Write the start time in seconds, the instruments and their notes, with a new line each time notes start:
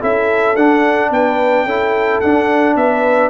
0.00 tuba C#4, trombone E4, horn A4, trumpet E5
0.56 tuba D4, trombone D4, trumpet F#5
1.10 tuba B3, horn B4, trumpet G5
1.64 tuba C#4, trombone E4, horn A4
2.20 tuba D4, trombone D4, trumpet F#5
2.75 tuba B3, horn B4, trumpet E5